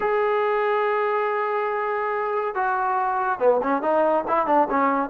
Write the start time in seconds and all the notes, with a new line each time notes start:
0.00 G#4
2.54 F#4
3.39 B3
3.63 C#4
3.82 D#4
4.27 E4
4.46 D4
4.70 C#4